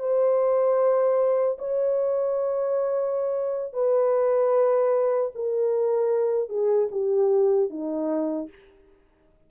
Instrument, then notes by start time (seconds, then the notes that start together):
horn
0.00 C5
1.59 C#5
3.74 B4
5.35 A#4
6.50 G#4
6.92 G4
7.70 D#4